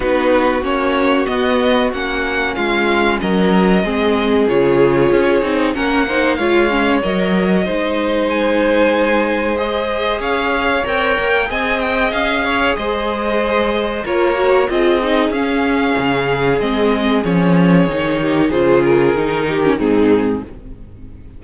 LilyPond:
<<
  \new Staff \with { instrumentName = "violin" } { \time 4/4 \tempo 4 = 94 b'4 cis''4 dis''4 fis''4 | f''4 dis''2 cis''4~ | cis''4 fis''4 f''4 dis''4~ | dis''4 gis''2 dis''4 |
f''4 g''4 gis''8 g''8 f''4 | dis''2 cis''4 dis''4 | f''2 dis''4 cis''4~ | cis''4 c''8 ais'4. gis'4 | }
  \new Staff \with { instrumentName = "violin" } { \time 4/4 fis'1 | f'4 ais'4 gis'2~ | gis'4 ais'8 c''8 cis''2 | c''1 |
cis''2 dis''4. cis''8 | c''2 ais'4 gis'4~ | gis'1~ | gis'8 g'8 gis'4. g'8 dis'4 | }
  \new Staff \with { instrumentName = "viola" } { \time 4/4 dis'4 cis'4 b4 cis'4~ | cis'2 c'4 f'4~ | f'8 dis'8 cis'8 dis'8 f'8 cis'8 ais'4 | dis'2. gis'4~ |
gis'4 ais'4 gis'2~ | gis'2 f'8 fis'8 f'8 dis'8 | cis'2 c'4 cis'4 | dis'4 f'4 dis'8. cis'16 c'4 | }
  \new Staff \with { instrumentName = "cello" } { \time 4/4 b4 ais4 b4 ais4 | gis4 fis4 gis4 cis4 | cis'8 c'8 ais4 gis4 fis4 | gis1 |
cis'4 c'8 ais8 c'4 cis'4 | gis2 ais4 c'4 | cis'4 cis4 gis4 f4 | dis4 cis4 dis4 gis,4 | }
>>